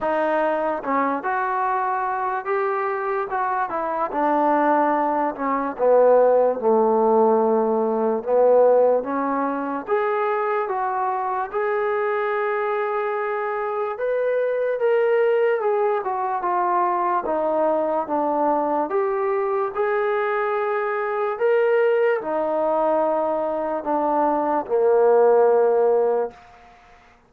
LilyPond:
\new Staff \with { instrumentName = "trombone" } { \time 4/4 \tempo 4 = 73 dis'4 cis'8 fis'4. g'4 | fis'8 e'8 d'4. cis'8 b4 | a2 b4 cis'4 | gis'4 fis'4 gis'2~ |
gis'4 b'4 ais'4 gis'8 fis'8 | f'4 dis'4 d'4 g'4 | gis'2 ais'4 dis'4~ | dis'4 d'4 ais2 | }